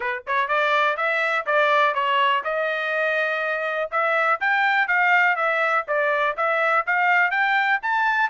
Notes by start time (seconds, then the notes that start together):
0.00 B4
0.26 C#5
0.47 D5
0.96 E5
1.46 D5
1.94 C#5
2.44 D#5
3.91 E5
4.40 G5
4.87 F5
5.36 E5
5.87 D5
6.36 E5
6.86 F5
7.30 G5
7.82 A5